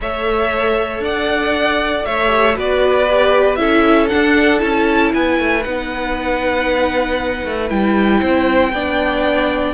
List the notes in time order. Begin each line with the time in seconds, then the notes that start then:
0.00 A3 A4 C#5 E5
0.99 D4 D5 F#5
2.05 A3 C#5 E5
2.27 G4
2.54 B3 F#4 B4 D5
3.09 G4
3.55 C#4 E4 A4 E5
4.09 D4 F#5
4.59 C#4 E4 A5
5.14 B3 B4 G#5
5.39 A3
5.63 B3 D#4 F#5
7.45 A3
7.68 G3 E4 G5
8.19 C4 C5
8.72 B3 D4 D5